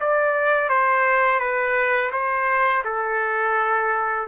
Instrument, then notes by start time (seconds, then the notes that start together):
trumpet
0.00 D5
0.69 C5
1.40 B4
2.12 C5
2.84 A4